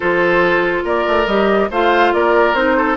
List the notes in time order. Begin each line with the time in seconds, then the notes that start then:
0.00 F3 F4 A4 C5
0.84 A#3 A#4 D5
1.07 A3
1.26 G3 G4 D#5
1.70 A3 F4 C5 F5
2.13 A#3 A#4 D5
2.53 C4 D#4 C5
2.77 A4